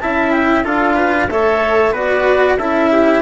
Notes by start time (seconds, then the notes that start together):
0.00 C#4 E4 E5 A5
0.32 G5
0.64 D4 F4 A4 F5
0.96 B4
1.30 A3 A4 C#5 E5
1.92 B3 F#4 B4 D5
2.58 C#4 E4 A4 E5
2.92 G4